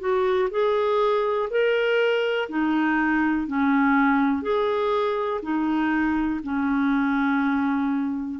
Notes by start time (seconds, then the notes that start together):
0.00 F#4
0.51 G#4
1.51 A#4
2.49 D#4
3.47 C#4
4.42 G#4
5.42 D#4
6.44 C#4